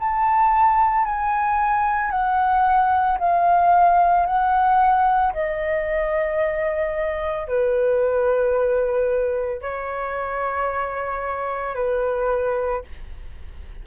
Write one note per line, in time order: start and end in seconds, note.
0.00 1.05 A5
1.05 2.11 G#5
2.11 3.19 F#5
3.19 4.26 F5
4.26 5.33 F#5
5.33 7.48 D#5
7.48 9.62 B4
9.62 11.75 C#5
11.75 12.82 B4